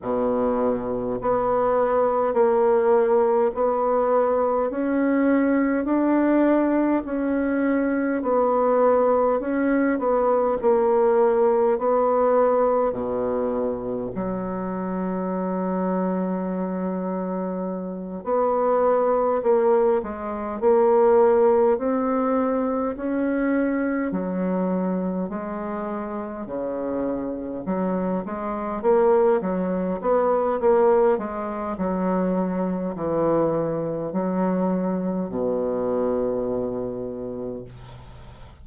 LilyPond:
\new Staff \with { instrumentName = "bassoon" } { \time 4/4 \tempo 4 = 51 b,4 b4 ais4 b4 | cis'4 d'4 cis'4 b4 | cis'8 b8 ais4 b4 b,4 | fis2.~ fis8 b8~ |
b8 ais8 gis8 ais4 c'4 cis'8~ | cis'8 fis4 gis4 cis4 fis8 | gis8 ais8 fis8 b8 ais8 gis8 fis4 | e4 fis4 b,2 | }